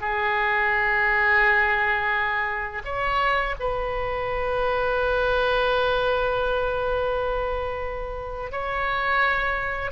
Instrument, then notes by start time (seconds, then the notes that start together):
oboe
0.00 G#4
2.85 C#5
3.59 B4
8.52 C#5